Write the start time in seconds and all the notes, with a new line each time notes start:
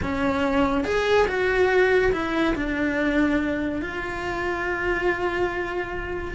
0.02 C#4
0.84 G#4
1.27 F#4
2.12 E4
2.55 D4
3.81 F4